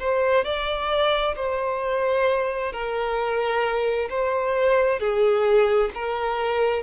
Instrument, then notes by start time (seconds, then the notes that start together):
violin
0.00 C5
0.45 D5
1.36 C5
2.73 A#4
4.10 C5
5.00 G#4
5.95 A#4